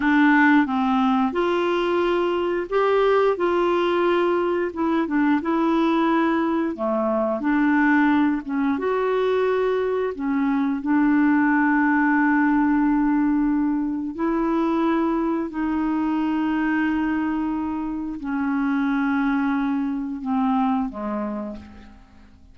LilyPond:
\new Staff \with { instrumentName = "clarinet" } { \time 4/4 \tempo 4 = 89 d'4 c'4 f'2 | g'4 f'2 e'8 d'8 | e'2 a4 d'4~ | d'8 cis'8 fis'2 cis'4 |
d'1~ | d'4 e'2 dis'4~ | dis'2. cis'4~ | cis'2 c'4 gis4 | }